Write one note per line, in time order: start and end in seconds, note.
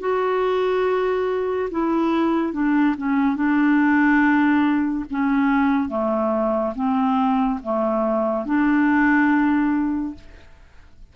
0.00 1.69 F#4
1.71 2.53 E4
2.53 2.95 D4
2.97 3.36 C#4
3.36 5.05 D4
5.10 5.89 C#4
5.89 6.73 A3
6.75 7.59 C4
7.62 8.45 A3
8.45 10.14 D4